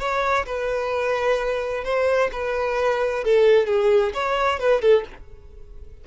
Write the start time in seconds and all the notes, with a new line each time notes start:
0.00 C#5
0.46 B4
1.85 C5
2.33 B4
3.25 A4
3.67 G#4
4.14 C#5
4.60 B4
4.82 A4